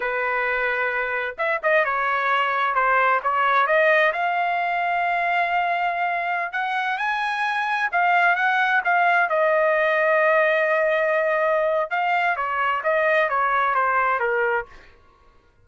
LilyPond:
\new Staff \with { instrumentName = "trumpet" } { \time 4/4 \tempo 4 = 131 b'2. e''8 dis''8 | cis''2 c''4 cis''4 | dis''4 f''2.~ | f''2~ f''16 fis''4 gis''8.~ |
gis''4~ gis''16 f''4 fis''4 f''8.~ | f''16 dis''2.~ dis''8.~ | dis''2 f''4 cis''4 | dis''4 cis''4 c''4 ais'4 | }